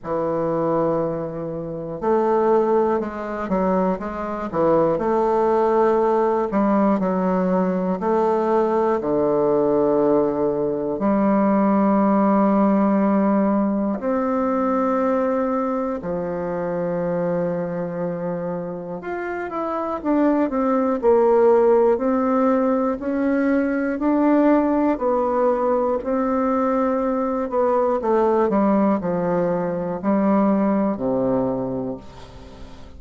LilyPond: \new Staff \with { instrumentName = "bassoon" } { \time 4/4 \tempo 4 = 60 e2 a4 gis8 fis8 | gis8 e8 a4. g8 fis4 | a4 d2 g4~ | g2 c'2 |
f2. f'8 e'8 | d'8 c'8 ais4 c'4 cis'4 | d'4 b4 c'4. b8 | a8 g8 f4 g4 c4 | }